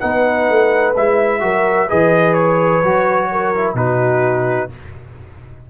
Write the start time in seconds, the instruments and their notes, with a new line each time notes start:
0.00 tuba B3, trombone D#4, horn B4, trumpet F#5
0.50 tuba A3
0.97 tuba G#3, trombone E4, trumpet E5
1.40 tuba F#3, trombone F#4, horn A#4
1.89 tuba E3, trombone G#4, horn B4, trumpet D#5
2.34 trumpet C#5
2.83 tuba F#3, trombone F#4
3.31 horn A#4
3.55 trombone E4
3.74 tuba B2, trombone D#4, horn F#4, trumpet B4